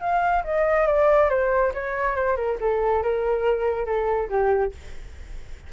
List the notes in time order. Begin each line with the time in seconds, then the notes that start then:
0.00 F5
0.44 D#5
0.86 D5
1.29 C5
1.74 C#5
2.15 C5
2.36 A#4
2.60 A4
3.02 A#4
3.85 A4
4.29 G4